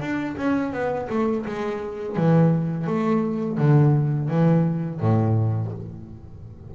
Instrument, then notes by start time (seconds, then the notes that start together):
double bass
0.00 D4
0.37 C#4
0.72 B3
1.09 A3
1.46 G#3
2.17 E3
2.87 A3
3.57 D3
4.29 E3
5.00 A2